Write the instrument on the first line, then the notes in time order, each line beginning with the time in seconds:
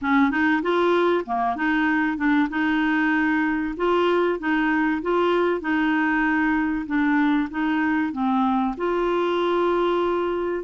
clarinet
0.01 C#4
0.30 D#4
0.62 F4
1.25 A#3
1.56 D#4
2.17 D4
2.49 D#4
3.76 F4
4.39 D#4
5.02 F4
5.60 D#4
6.86 D4
7.50 D#4
8.12 C4
8.77 F4